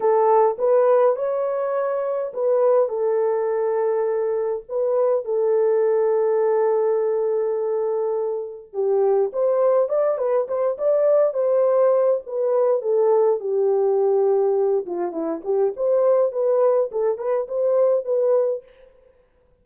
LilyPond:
\new Staff \with { instrumentName = "horn" } { \time 4/4 \tempo 4 = 103 a'4 b'4 cis''2 | b'4 a'2. | b'4 a'2.~ | a'2. g'4 |
c''4 d''8 b'8 c''8 d''4 c''8~ | c''4 b'4 a'4 g'4~ | g'4. f'8 e'8 g'8 c''4 | b'4 a'8 b'8 c''4 b'4 | }